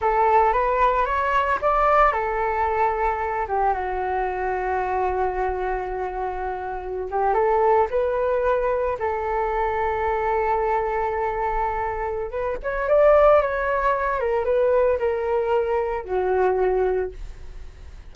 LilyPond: \new Staff \with { instrumentName = "flute" } { \time 4/4 \tempo 4 = 112 a'4 b'4 cis''4 d''4 | a'2~ a'8 g'8 fis'4~ | fis'1~ | fis'4~ fis'16 g'8 a'4 b'4~ b'16~ |
b'8. a'2.~ a'16~ | a'2. b'8 cis''8 | d''4 cis''4. ais'8 b'4 | ais'2 fis'2 | }